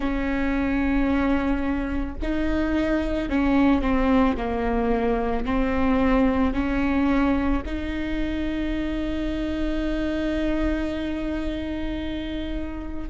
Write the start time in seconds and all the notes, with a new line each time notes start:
0.00 C#4
2.22 D#4
3.29 C#4
3.81 C4
4.36 A#3
5.45 C4
6.53 C#4
7.65 D#4